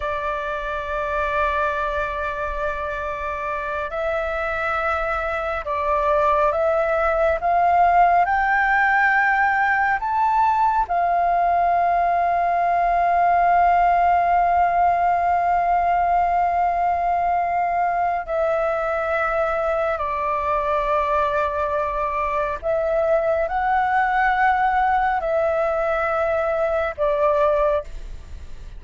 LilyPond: \new Staff \with { instrumentName = "flute" } { \time 4/4 \tempo 4 = 69 d''1~ | d''8 e''2 d''4 e''8~ | e''8 f''4 g''2 a''8~ | a''8 f''2.~ f''8~ |
f''1~ | f''4 e''2 d''4~ | d''2 e''4 fis''4~ | fis''4 e''2 d''4 | }